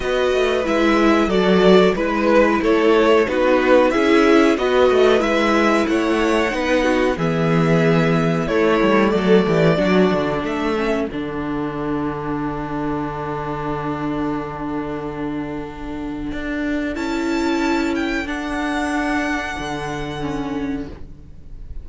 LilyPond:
<<
  \new Staff \with { instrumentName = "violin" } { \time 4/4 \tempo 4 = 92 dis''4 e''4 d''4 b'4 | cis''4 b'4 e''4 dis''4 | e''4 fis''2 e''4~ | e''4 cis''4 d''2 |
e''4 fis''2.~ | fis''1~ | fis''2 a''4. g''8 | fis''1 | }
  \new Staff \with { instrumentName = "violin" } { \time 4/4 b'2 a'4 b'4 | a'4 fis'4 gis'4 b'4~ | b'4 cis''4 b'8 fis'8 gis'4~ | gis'4 e'4 a'8 g'8 fis'4 |
a'1~ | a'1~ | a'1~ | a'1 | }
  \new Staff \with { instrumentName = "viola" } { \time 4/4 fis'4 e'4 fis'4 e'4~ | e'4 dis'4 e'4 fis'4 | e'2 dis'4 b4~ | b4 a2 d'4~ |
d'8 cis'8 d'2.~ | d'1~ | d'2 e'2 | d'2. cis'4 | }
  \new Staff \with { instrumentName = "cello" } { \time 4/4 b8 a8 gis4 fis4 gis4 | a4 b4 cis'4 b8 a8 | gis4 a4 b4 e4~ | e4 a8 g8 fis8 e8 fis8 d8 |
a4 d2.~ | d1~ | d4 d'4 cis'2 | d'2 d2 | }
>>